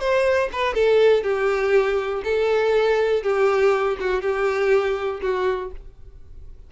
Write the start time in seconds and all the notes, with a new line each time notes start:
0.00 C5
0.53 B4
0.74 A4
1.24 G4
2.24 A4
3.23 G4
4.01 F#4
4.22 G4
5.22 F#4